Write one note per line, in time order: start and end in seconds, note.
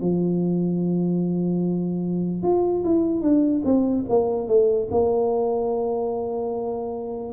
0.00 2.42 F3
2.42 2.83 F4
2.84 3.21 E4
3.21 3.62 D4
3.64 4.05 C4
4.09 4.47 A#3
4.47 4.88 A3
4.91 7.33 A#3